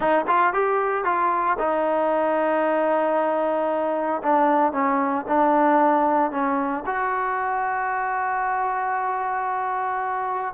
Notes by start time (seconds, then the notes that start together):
0.00 D#4
0.27 F4
0.53 G4
1.04 F4
1.58 D#4
4.22 D4
4.72 C#4
5.28 D4
6.31 C#4
6.85 F#4